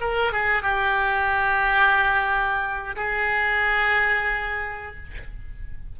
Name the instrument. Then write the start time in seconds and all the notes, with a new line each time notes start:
oboe
0.00 A#4
0.32 G#4
0.62 G4
2.96 G#4